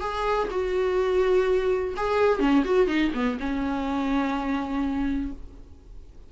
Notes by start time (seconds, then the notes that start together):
0.00 G#4
0.50 F#4
1.96 G#4
2.39 C#4
2.64 F#4
2.87 D#4
3.14 B3
3.40 C#4